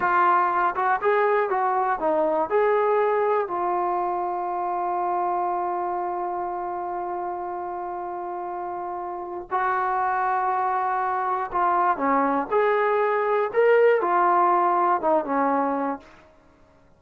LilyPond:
\new Staff \with { instrumentName = "trombone" } { \time 4/4 \tempo 4 = 120 f'4. fis'8 gis'4 fis'4 | dis'4 gis'2 f'4~ | f'1~ | f'1~ |
f'2. fis'4~ | fis'2. f'4 | cis'4 gis'2 ais'4 | f'2 dis'8 cis'4. | }